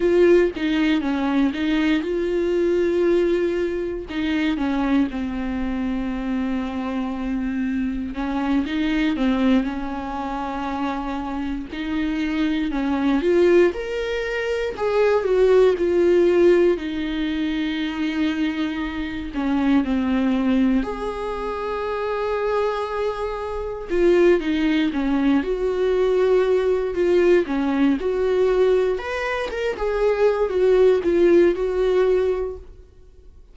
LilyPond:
\new Staff \with { instrumentName = "viola" } { \time 4/4 \tempo 4 = 59 f'8 dis'8 cis'8 dis'8 f'2 | dis'8 cis'8 c'2. | cis'8 dis'8 c'8 cis'2 dis'8~ | dis'8 cis'8 f'8 ais'4 gis'8 fis'8 f'8~ |
f'8 dis'2~ dis'8 cis'8 c'8~ | c'8 gis'2. f'8 | dis'8 cis'8 fis'4. f'8 cis'8 fis'8~ | fis'8 b'8 ais'16 gis'8. fis'8 f'8 fis'4 | }